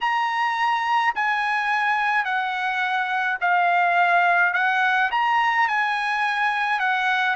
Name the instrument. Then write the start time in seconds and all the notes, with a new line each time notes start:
trumpet
0.00 A#5
1.15 G#5
2.24 F#5
3.40 F5
4.53 F#5
5.11 A#5
5.68 G#5
6.79 F#5